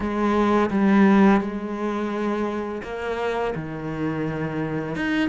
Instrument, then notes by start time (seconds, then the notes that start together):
cello
0.00 G#3
0.70 G3
1.41 G#3
2.83 A#3
3.55 D#3
4.95 D#4